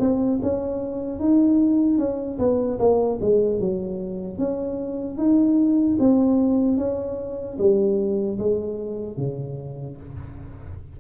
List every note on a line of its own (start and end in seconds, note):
0.00 0.40 C4
0.43 1.20 C#4
1.20 1.99 D#4
1.99 2.39 C#4
2.39 2.79 B3
2.79 3.19 A#3
3.21 3.60 G#3
3.60 4.38 F#3
4.38 5.17 C#4
5.17 5.97 D#4
6.00 6.78 C4
6.78 7.58 C#4
7.58 8.38 G3
8.39 9.17 G#3
9.17 9.97 C#3